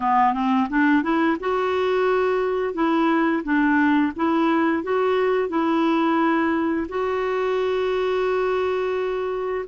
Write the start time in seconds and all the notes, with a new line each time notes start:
0.00 B3
0.33 C4
0.69 D4
1.03 E4
1.39 F#4
2.73 E4
3.43 D4
4.16 E4
4.83 F#4
5.48 E4
6.88 F#4